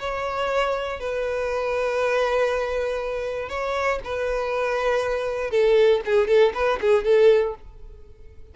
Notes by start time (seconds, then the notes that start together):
0.00 C#5
1.00 B4
3.50 C#5
4.05 B4
5.51 A4
6.06 G#4
6.28 A4
6.55 B4
6.82 G#4
7.05 A4